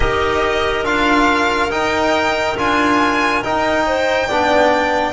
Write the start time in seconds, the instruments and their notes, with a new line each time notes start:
0.00 double bass D#4, trombone G4, clarinet A#4, violin D#5
0.83 double bass D4, trombone F4, violin F5
1.69 double bass D#4, trombone D#4, violin G5
2.57 double bass D4, trombone F4, violin G#5
3.43 trombone D#4, double bass D#4, violin G5
3.86 clarinet C5
4.27 double bass B3, trombone D4, clarinet D5